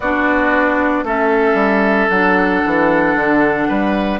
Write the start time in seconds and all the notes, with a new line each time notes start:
0.00 B3 D4 F#4 D5
1.03 A3 C#4 A4 E5
1.54 G3
2.09 F#3 D4 F#5
2.65 E3
3.15 D3
3.68 G3 B4